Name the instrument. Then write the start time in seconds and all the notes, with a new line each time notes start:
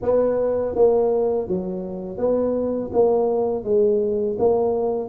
tuba
0.02 B3
0.75 A#3
1.48 F#3
2.18 B3
2.92 A#3
3.64 G#3
4.38 A#3